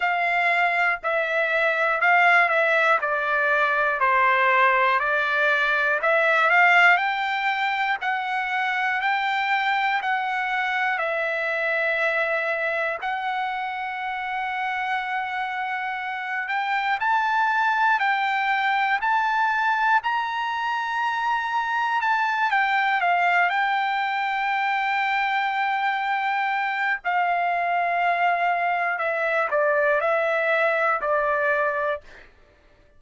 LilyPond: \new Staff \with { instrumentName = "trumpet" } { \time 4/4 \tempo 4 = 60 f''4 e''4 f''8 e''8 d''4 | c''4 d''4 e''8 f''8 g''4 | fis''4 g''4 fis''4 e''4~ | e''4 fis''2.~ |
fis''8 g''8 a''4 g''4 a''4 | ais''2 a''8 g''8 f''8 g''8~ | g''2. f''4~ | f''4 e''8 d''8 e''4 d''4 | }